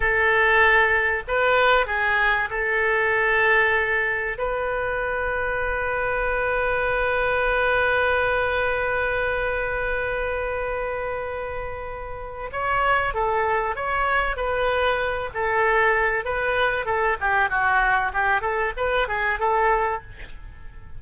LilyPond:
\new Staff \with { instrumentName = "oboe" } { \time 4/4 \tempo 4 = 96 a'2 b'4 gis'4 | a'2. b'4~ | b'1~ | b'1~ |
b'1 | cis''4 a'4 cis''4 b'4~ | b'8 a'4. b'4 a'8 g'8 | fis'4 g'8 a'8 b'8 gis'8 a'4 | }